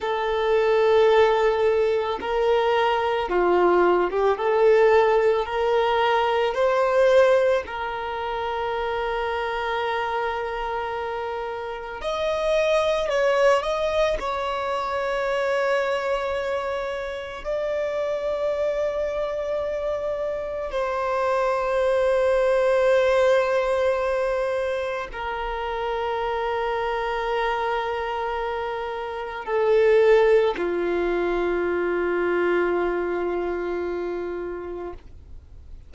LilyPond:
\new Staff \with { instrumentName = "violin" } { \time 4/4 \tempo 4 = 55 a'2 ais'4 f'8. g'16 | a'4 ais'4 c''4 ais'4~ | ais'2. dis''4 | cis''8 dis''8 cis''2. |
d''2. c''4~ | c''2. ais'4~ | ais'2. a'4 | f'1 | }